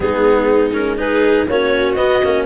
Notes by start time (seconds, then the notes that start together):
0.00 G#3 B3 D#4 G#4
0.73 C#4 A#4
0.97 D#4 G#4 B4
1.49 A#3 C#4 F#4 C#5
1.94 B3 D#5
2.24 A#3 C#4